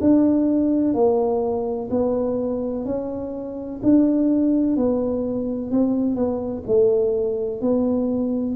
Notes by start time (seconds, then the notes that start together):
0.00 D4
0.94 A#3
1.90 B3
2.85 C#4
3.82 D4
4.76 B3
5.71 C4
6.15 B3
6.67 A3
7.61 B3